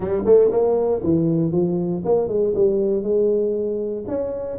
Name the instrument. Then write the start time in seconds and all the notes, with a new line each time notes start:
tuba
0.00 G3
0.25 A3
0.51 A#3
1.03 E3
1.51 F3
2.05 A#3
2.28 G#3
2.54 G3
3.02 G#3
4.07 C#4